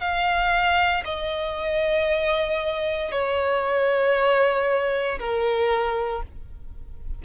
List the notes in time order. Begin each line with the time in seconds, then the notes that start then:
0.00 F5
1.04 D#5
3.12 C#5
5.19 A#4